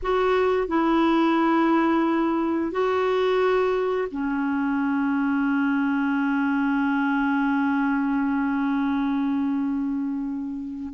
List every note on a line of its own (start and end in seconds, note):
0.02 0.67 F#4
0.67 2.71 E4
2.71 4.08 F#4
4.11 10.93 C#4